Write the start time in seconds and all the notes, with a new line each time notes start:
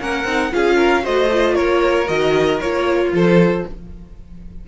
0.00 A#3 C#4 A#4 F#5
0.24 C4 D#4
0.51 C#4 F4 G#4 F5
0.76 A#4
1.02 A3 F#4 C5 D#5
1.32 F4
1.55 A#3 A#4 C#5
2.06 D#3 F#4 D#5
2.61 A#3 F4 C#5
3.12 F3 A4 C5